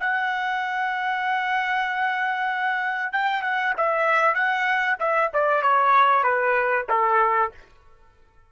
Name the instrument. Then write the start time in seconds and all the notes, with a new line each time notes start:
trumpet
0.00 F#5
3.13 G5
3.42 F#5
3.77 E5
4.34 F#5
4.99 E5
5.34 D5
5.62 C#5
6.23 B4
6.89 A4